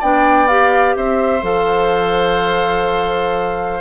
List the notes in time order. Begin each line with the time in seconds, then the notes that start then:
0.00 B3 D4 D5 G5
0.48 G4 F5
0.96 C4 C5 E5
1.42 F3 A4 F5